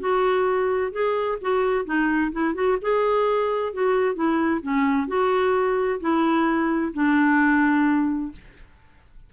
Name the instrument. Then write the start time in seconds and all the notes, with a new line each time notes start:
clarinet
0.00 F#4
0.93 G#4
1.41 F#4
1.86 D#4
2.32 E4
2.55 F#4
2.82 G#4
3.74 F#4
4.15 E4
4.62 C#4
5.08 F#4
6.01 E4
6.94 D4